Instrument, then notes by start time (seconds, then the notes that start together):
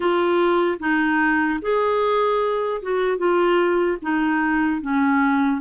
clarinet
0.00 F4
0.79 D#4
1.61 G#4
2.81 F#4
3.17 F4
4.01 D#4
4.81 C#4